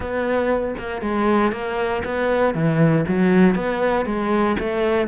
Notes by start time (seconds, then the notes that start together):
0.00 B3
0.78 A#3
1.01 G#3
1.52 A#3
2.05 B3
2.54 E3
3.08 F#3
3.55 B3
4.05 G#3
4.59 A3